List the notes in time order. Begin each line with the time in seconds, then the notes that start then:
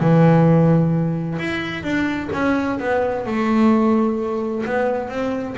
0.00 E3
1.39 E4
1.83 D4
2.33 C#4
2.80 B3
3.26 A3
4.66 B3
5.09 C4